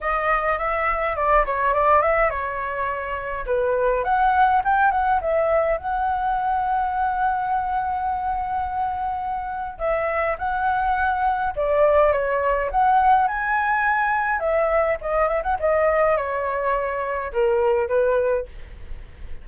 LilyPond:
\new Staff \with { instrumentName = "flute" } { \time 4/4 \tempo 4 = 104 dis''4 e''4 d''8 cis''8 d''8 e''8 | cis''2 b'4 fis''4 | g''8 fis''8 e''4 fis''2~ | fis''1~ |
fis''4 e''4 fis''2 | d''4 cis''4 fis''4 gis''4~ | gis''4 e''4 dis''8 e''16 fis''16 dis''4 | cis''2 ais'4 b'4 | }